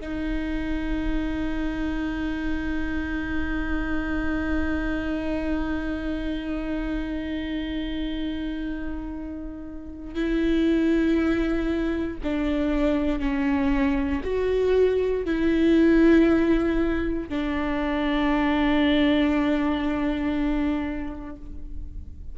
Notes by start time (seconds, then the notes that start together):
0.00 D#4
10.14 E4
12.23 D4
13.19 C#4
14.24 F#4
15.25 E4
17.29 D4